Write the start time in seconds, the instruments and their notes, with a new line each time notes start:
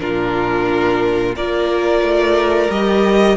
0.00 cello A#2, viola D4, violin F4 A#4
1.36 cello A#3, viola F4, violin A#4 D5
2.02 cello A3
2.70 cello G3, viola G4, violin D#5